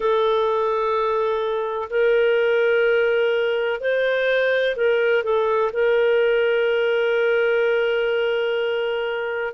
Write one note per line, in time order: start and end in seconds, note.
0.00 1.88 A4
1.90 3.80 A#4
3.80 4.75 C5
4.76 5.23 A#4
5.23 5.71 A4
5.72 9.53 A#4